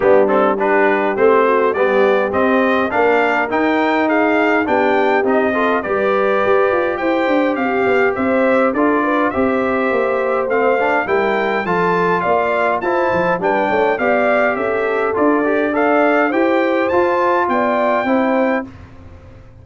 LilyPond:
<<
  \new Staff \with { instrumentName = "trumpet" } { \time 4/4 \tempo 4 = 103 g'8 a'8 b'4 c''4 d''4 | dis''4 f''4 g''4 f''4 | g''4 dis''4 d''2 | g''4 f''4 e''4 d''4 |
e''2 f''4 g''4 | a''4 f''4 a''4 g''4 | f''4 e''4 d''4 f''4 | g''4 a''4 g''2 | }
  \new Staff \with { instrumentName = "horn" } { \time 4/4 d'4 g'4. fis'8 g'4~ | g'4 ais'2 gis'4 | g'4. a'8 b'2 | c''4 g'4 c''4 a'8 b'8 |
c''2. ais'4 | a'4 d''4 c''4 b'8 cis''8 | d''4 a'2 d''4 | c''2 d''4 c''4 | }
  \new Staff \with { instrumentName = "trombone" } { \time 4/4 b8 c'8 d'4 c'4 b4 | c'4 d'4 dis'2 | d'4 dis'8 f'8 g'2~ | g'2. f'4 |
g'2 c'8 d'8 e'4 | f'2 e'4 d'4 | g'2 f'8 g'8 a'4 | g'4 f'2 e'4 | }
  \new Staff \with { instrumentName = "tuba" } { \time 4/4 g2 a4 g4 | c'4 ais4 dis'2 | b4 c'4 g4 g'8 f'8 | e'8 d'8 c'8 b8 c'4 d'4 |
c'4 ais4 a4 g4 | f4 ais4 f'8 f8 g8 a8 | b4 cis'4 d'2 | e'4 f'4 b4 c'4 | }
>>